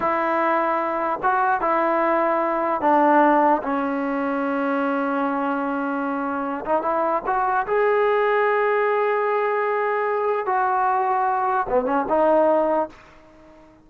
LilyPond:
\new Staff \with { instrumentName = "trombone" } { \time 4/4 \tempo 4 = 149 e'2. fis'4 | e'2. d'4~ | d'4 cis'2.~ | cis'1~ |
cis'8 dis'8 e'4 fis'4 gis'4~ | gis'1~ | gis'2 fis'2~ | fis'4 b8 cis'8 dis'2 | }